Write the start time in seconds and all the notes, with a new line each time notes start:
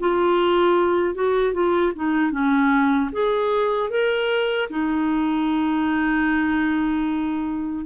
0.00 F4
1.15 F#4
1.54 F4
1.96 D#4
2.31 C#4
3.12 G#4
3.90 A#4
4.70 D#4